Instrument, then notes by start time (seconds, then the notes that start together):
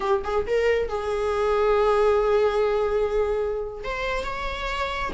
viola
0.00 G4
0.24 G#4
0.46 A#4
0.89 G#4
3.84 C5
4.24 C#5